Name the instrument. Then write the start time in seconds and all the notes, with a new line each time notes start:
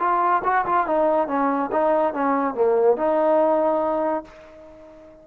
trombone
0.00 F4
0.44 F#4
0.66 F4
0.87 D#4
1.28 C#4
1.72 D#4
2.14 C#4
2.55 A#3
2.97 D#4